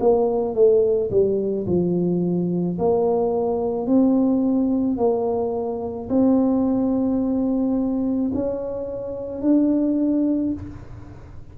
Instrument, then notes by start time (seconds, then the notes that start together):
tuba
0.00 A#3
0.55 A3
1.11 G3
1.67 F3
2.79 A#3
3.87 C4
4.97 A#3
6.10 C4
8.34 C#4
9.42 D4